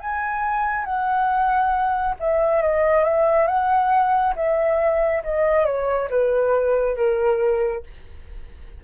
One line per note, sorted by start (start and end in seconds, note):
0.00 0.85 G#5
0.85 2.15 F#5
2.20 2.62 E5
2.62 3.04 D#5
3.04 3.47 E5
3.47 4.34 F#5
4.36 5.23 E5
5.23 5.65 D#5
5.65 6.09 C#5
6.10 6.96 B4
6.96 7.83 A#4